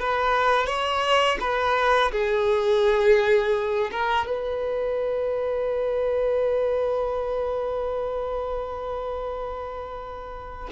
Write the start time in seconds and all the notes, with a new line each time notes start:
0.00 B4
0.67 C#5
1.40 B4
2.12 G#4
3.92 A#4
4.27 B4